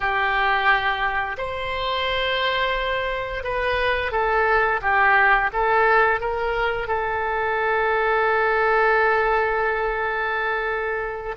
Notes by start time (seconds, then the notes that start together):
0.00 G4
1.37 C5
3.43 B4
4.11 A4
4.81 G4
5.52 A4
6.20 A#4
6.87 A4